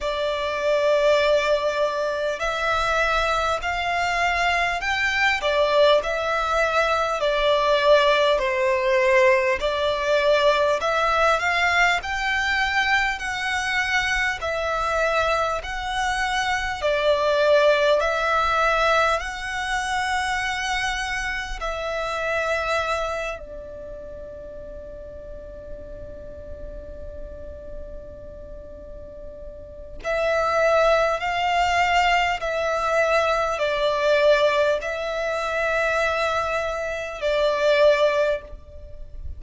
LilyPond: \new Staff \with { instrumentName = "violin" } { \time 4/4 \tempo 4 = 50 d''2 e''4 f''4 | g''8 d''8 e''4 d''4 c''4 | d''4 e''8 f''8 g''4 fis''4 | e''4 fis''4 d''4 e''4 |
fis''2 e''4. d''8~ | d''1~ | d''4 e''4 f''4 e''4 | d''4 e''2 d''4 | }